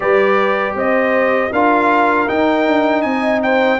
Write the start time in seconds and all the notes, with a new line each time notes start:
0.00 G3 G4 B4 D5
0.74 C4 D#5
0.80 C5
1.52 D4 F4 A#4 F5
2.27 D#4 G5
2.66 D4
3.02 C4 D#5 G#5
3.43 C5 G5